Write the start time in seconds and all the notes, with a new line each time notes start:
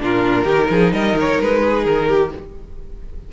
0.00 A#2 D4 F4 A#4
0.45 D#3 D#4 G4
0.70 F3 G#4
0.93 G3 A#4 D#5
1.14 D#3
1.20 C#5
1.41 G#3 B4
1.64 G#4
1.84 D#3 A#4
2.08 G4